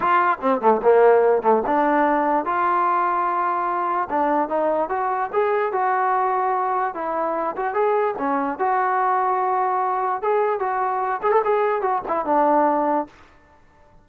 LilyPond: \new Staff \with { instrumentName = "trombone" } { \time 4/4 \tempo 4 = 147 f'4 c'8 a8 ais4. a8 | d'2 f'2~ | f'2 d'4 dis'4 | fis'4 gis'4 fis'2~ |
fis'4 e'4. fis'8 gis'4 | cis'4 fis'2.~ | fis'4 gis'4 fis'4. gis'16 a'16 | gis'4 fis'8 e'8 d'2 | }